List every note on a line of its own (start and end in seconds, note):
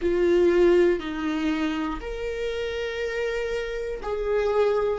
0.01 1.00 F4
1.00 2.00 D#4
2.00 4.00 A#4
4.02 4.99 G#4